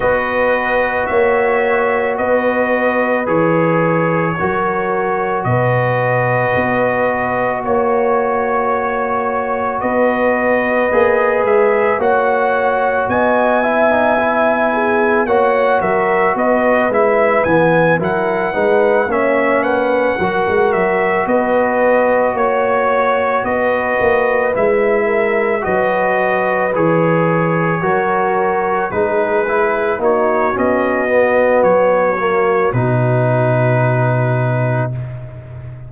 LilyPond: <<
  \new Staff \with { instrumentName = "trumpet" } { \time 4/4 \tempo 4 = 55 dis''4 e''4 dis''4 cis''4~ | cis''4 dis''2 cis''4~ | cis''4 dis''4. e''8 fis''4 | gis''2 fis''8 e''8 dis''8 e''8 |
gis''8 fis''4 e''8 fis''4 e''8 dis''8~ | dis''8 cis''4 dis''4 e''4 dis''8~ | dis''8 cis''2 b'4 cis''8 | dis''4 cis''4 b'2 | }
  \new Staff \with { instrumentName = "horn" } { \time 4/4 b'4 cis''4 b'2 | ais'4 b'2 cis''4~ | cis''4 b'2 cis''4 | dis''8 e''4 gis'8 cis''8 ais'8 b'4~ |
b'8 ais'8 b'8 cis''8 b'8 ais'4 b'8~ | b'8 cis''4 b'4. ais'8 b'8~ | b'4. ais'4 gis'4 fis'8~ | fis'1 | }
  \new Staff \with { instrumentName = "trombone" } { \time 4/4 fis'2. gis'4 | fis'1~ | fis'2 gis'4 fis'4~ | fis'8 e'16 dis'16 e'4 fis'4. e'8 |
b8 e'8 dis'8 cis'4 fis'4.~ | fis'2~ fis'8 e'4 fis'8~ | fis'8 gis'4 fis'4 dis'8 e'8 dis'8 | cis'8 b4 ais8 dis'2 | }
  \new Staff \with { instrumentName = "tuba" } { \time 4/4 b4 ais4 b4 e4 | fis4 b,4 b4 ais4~ | ais4 b4 ais8 gis8 ais4 | b2 ais8 fis8 b8 gis8 |
e8 fis8 gis8 ais4 fis16 gis16 fis8 b8~ | b8 ais4 b8 ais8 gis4 fis8~ | fis8 e4 fis4 gis4 ais8 | b4 fis4 b,2 | }
>>